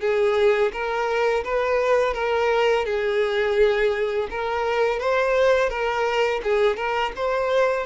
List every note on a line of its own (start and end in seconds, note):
0.00 0.71 G#4
0.72 1.44 A#4
1.44 2.14 B4
2.14 2.85 A#4
2.85 4.28 G#4
4.30 4.99 A#4
4.99 5.69 C5
5.69 6.41 A#4
6.43 6.76 G#4
6.76 7.12 A#4
7.16 7.86 C5